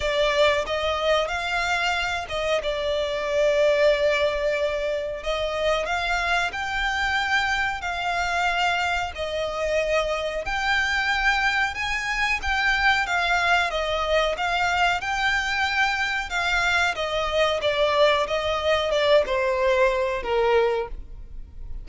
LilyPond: \new Staff \with { instrumentName = "violin" } { \time 4/4 \tempo 4 = 92 d''4 dis''4 f''4. dis''8 | d''1 | dis''4 f''4 g''2 | f''2 dis''2 |
g''2 gis''4 g''4 | f''4 dis''4 f''4 g''4~ | g''4 f''4 dis''4 d''4 | dis''4 d''8 c''4. ais'4 | }